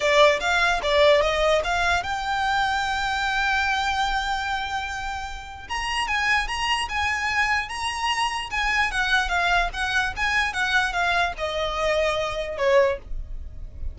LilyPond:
\new Staff \with { instrumentName = "violin" } { \time 4/4 \tempo 4 = 148 d''4 f''4 d''4 dis''4 | f''4 g''2.~ | g''1~ | g''2 ais''4 gis''4 |
ais''4 gis''2 ais''4~ | ais''4 gis''4 fis''4 f''4 | fis''4 gis''4 fis''4 f''4 | dis''2. cis''4 | }